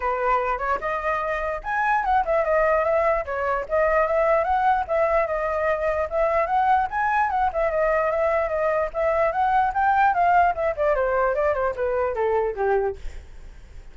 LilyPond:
\new Staff \with { instrumentName = "flute" } { \time 4/4 \tempo 4 = 148 b'4. cis''8 dis''2 | gis''4 fis''8 e''8 dis''4 e''4 | cis''4 dis''4 e''4 fis''4 | e''4 dis''2 e''4 |
fis''4 gis''4 fis''8 e''8 dis''4 | e''4 dis''4 e''4 fis''4 | g''4 f''4 e''8 d''8 c''4 | d''8 c''8 b'4 a'4 g'4 | }